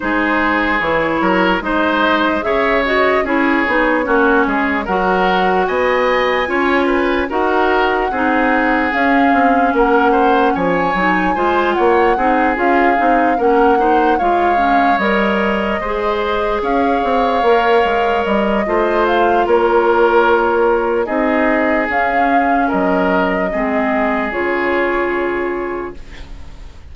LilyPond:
<<
  \new Staff \with { instrumentName = "flute" } { \time 4/4 \tempo 4 = 74 c''4 cis''4 dis''4 e''8 dis''8 | cis''2 fis''4 gis''4~ | gis''4 fis''2 f''4 | fis''4 gis''4. fis''4 f''8~ |
f''8 fis''4 f''4 dis''4.~ | dis''8 f''2 dis''4 f''8 | cis''2 dis''4 f''4 | dis''2 cis''2 | }
  \new Staff \with { instrumentName = "oboe" } { \time 4/4 gis'4. ais'8 c''4 cis''4 | gis'4 fis'8 gis'8 ais'4 dis''4 | cis''8 b'8 ais'4 gis'2 | ais'8 c''8 cis''4 c''8 cis''8 gis'4~ |
gis'8 ais'8 c''8 cis''2 c''8~ | c''8 cis''2~ cis''8 c''4 | ais'2 gis'2 | ais'4 gis'2. | }
  \new Staff \with { instrumentName = "clarinet" } { \time 4/4 dis'4 e'4 dis'4 gis'8 fis'8 | e'8 dis'8 cis'4 fis'2 | f'4 fis'4 dis'4 cis'4~ | cis'4. dis'8 f'4 dis'8 f'8 |
dis'8 cis'8 dis'8 f'8 cis'8 ais'4 gis'8~ | gis'4. ais'4. f'4~ | f'2 dis'4 cis'4~ | cis'4 c'4 f'2 | }
  \new Staff \with { instrumentName = "bassoon" } { \time 4/4 gis4 e8 fis8 gis4 cis4 | cis'8 b8 ais8 gis8 fis4 b4 | cis'4 dis'4 c'4 cis'8 c'8 | ais4 f8 fis8 gis8 ais8 c'8 cis'8 |
c'8 ais4 gis4 g4 gis8~ | gis8 cis'8 c'8 ais8 gis8 g8 a4 | ais2 c'4 cis'4 | fis4 gis4 cis2 | }
>>